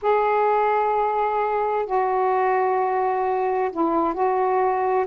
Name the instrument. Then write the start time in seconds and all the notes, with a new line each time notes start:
saxophone
0.01 G#4
1.86 F#4
3.71 E4
4.14 F#4